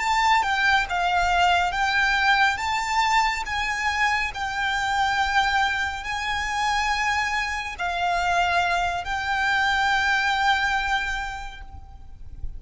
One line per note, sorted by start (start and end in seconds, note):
0.00 0.43 A5
0.43 0.86 G5
0.90 1.72 F5
1.72 2.58 G5
2.58 3.43 A5
3.46 4.31 G#5
4.34 6.04 G5
6.04 7.75 G#5
7.78 9.04 F5
9.04 11.61 G5